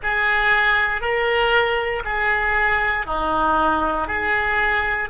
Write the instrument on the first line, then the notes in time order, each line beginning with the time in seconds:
oboe
0.02 G#4
1.01 A#4
2.04 G#4
3.06 D#4
4.07 G#4